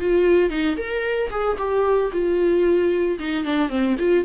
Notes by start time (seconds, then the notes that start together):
0.00 F4
0.50 D#4
0.77 A#4
1.31 G#4
1.58 G4
2.12 F4
3.20 D#4
3.45 D4
3.70 C4
3.99 F4